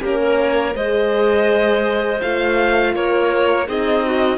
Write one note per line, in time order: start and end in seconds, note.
0.00 0.74 A#3
0.00 0.74 C#4
0.00 0.18 G4
0.00 0.76 A#4
0.22 0.38 A#4
0.38 0.75 C#5
0.74 2.21 G#3
0.74 2.20 G#4
0.74 2.94 C5
0.74 2.21 D#5
2.21 2.95 A3
2.21 3.67 F4
2.21 2.95 F5
2.95 3.68 A#3
2.95 3.67 A#4
2.95 3.68 C#5
3.67 4.38 C4
3.67 4.38 D#4
3.67 4.04 G#4
3.67 4.38 D#5
4.05 4.38 F#4